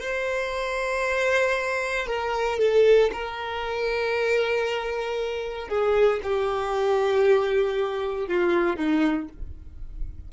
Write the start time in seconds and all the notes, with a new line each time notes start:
0.00 C5
2.06 A#4
2.59 A4
3.12 A#4
5.68 G#4
6.23 G4
8.28 F4
8.76 D#4